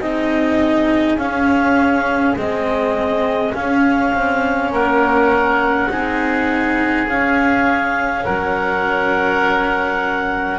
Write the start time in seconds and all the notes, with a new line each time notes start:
0.00 C4 D#4 G#4 D#5
1.16 C#4 F5
2.36 G#3 C4 D#5
3.54 C#4 F5
4.13 C4
4.71 A#3 A#4 F#5
5.89 C4 D#4 G#4
7.07 C#4 F5
8.25 F#3 A#4 F#5